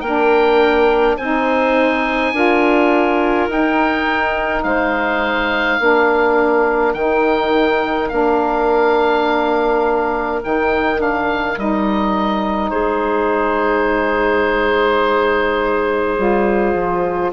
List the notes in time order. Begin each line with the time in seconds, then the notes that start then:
0.00 A#3 D4 A#4 G5
1.17 C4 D#4 C5 G#5
2.32 D4 F4 A#4
3.48 D#4 G5
4.63 G#3 C5 F5
5.78 A#3 D4 A#4
6.94 D#3 D#4 G5
8.09 A#3 D4 F5
10.43 D#3 D#4 G5
10.97 D4 F5
11.57 G3 D#4 D#5
12.70 G#3 G#4 C5
16.17 G3 F4
16.74 F3